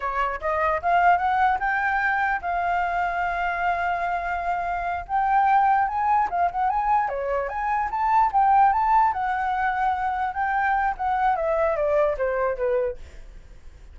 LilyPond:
\new Staff \with { instrumentName = "flute" } { \time 4/4 \tempo 4 = 148 cis''4 dis''4 f''4 fis''4 | g''2 f''2~ | f''1~ | f''8 g''2 gis''4 f''8 |
fis''8 gis''4 cis''4 gis''4 a''8~ | a''8 g''4 a''4 fis''4.~ | fis''4. g''4. fis''4 | e''4 d''4 c''4 b'4 | }